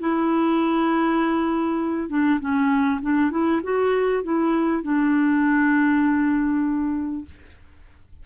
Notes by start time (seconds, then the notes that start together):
0.00 E4
2.10 D4
2.40 C#4
3.02 D4
3.31 E4
3.63 F#4
4.24 E4
4.83 D4